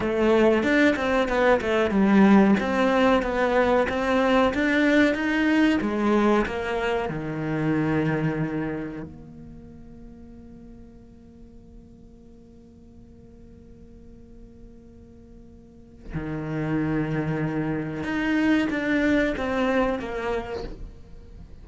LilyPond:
\new Staff \with { instrumentName = "cello" } { \time 4/4 \tempo 4 = 93 a4 d'8 c'8 b8 a8 g4 | c'4 b4 c'4 d'4 | dis'4 gis4 ais4 dis4~ | dis2 ais2~ |
ais1~ | ais1~ | ais4 dis2. | dis'4 d'4 c'4 ais4 | }